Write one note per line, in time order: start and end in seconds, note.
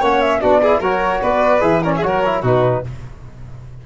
0.00 0.41 A#3
0.00 0.42 C#4
0.00 0.41 C#5
0.00 0.21 F#5
0.21 0.41 E5
0.41 0.80 B3
0.41 0.62 D4
0.41 0.61 F#4
0.41 0.81 D5
0.63 0.83 E4
0.63 0.80 G#4
0.80 1.21 F#3
0.80 1.60 F#4
0.80 1.21 A#4
0.80 1.23 C#5
1.22 1.61 B3
1.22 1.83 B4
1.22 1.63 D5
1.60 2.02 E3
1.60 1.81 G#4
1.60 1.83 E5
1.83 2.03 C#4
1.83 1.93 A#4
1.83 1.95 D5
1.96 2.07 G#4
1.96 2.03 E5
2.03 2.43 F#3
2.03 2.23 F#4
2.03 2.42 A#4
2.03 2.44 C#5
2.26 2.44 E4
2.42 2.83 B2
2.42 2.84 D#4
2.42 2.82 F#4
2.42 2.87 B4